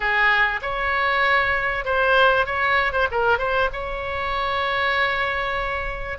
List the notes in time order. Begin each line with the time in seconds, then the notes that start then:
0.00 G#4
0.62 C#5
1.84 C5
2.46 C#5
2.92 C5
3.11 A#4
3.38 C5
3.73 C#5